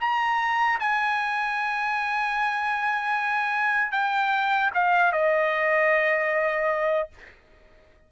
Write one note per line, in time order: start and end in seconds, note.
0.00 0.79 A#5
0.80 3.92 G#5
3.92 4.70 G5
4.74 5.12 F5
5.12 7.09 D#5